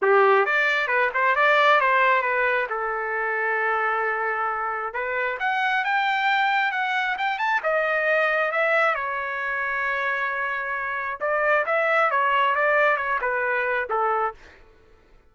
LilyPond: \new Staff \with { instrumentName = "trumpet" } { \time 4/4 \tempo 4 = 134 g'4 d''4 b'8 c''8 d''4 | c''4 b'4 a'2~ | a'2. b'4 | fis''4 g''2 fis''4 |
g''8 a''8 dis''2 e''4 | cis''1~ | cis''4 d''4 e''4 cis''4 | d''4 cis''8 b'4. a'4 | }